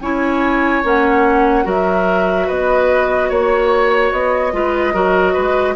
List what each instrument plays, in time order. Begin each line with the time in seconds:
0.00 bassoon C#4, clarinet E4, oboe C#5, flute G#5
0.83 bassoon A#3, clarinet C#4, flute F#5
1.64 bassoon F#3, clarinet F#4, oboe A#4, flute E5
2.47 bassoon B3, oboe B4, flute D#5
3.29 bassoon A#3, oboe C#5, flute C#5
4.12 bassoon B3, flute D#5
4.53 bassoon G#3, clarinet F4, oboe B4
4.93 bassoon F#3, clarinet F#4, oboe A#4
5.33 bassoon G#3, oboe B4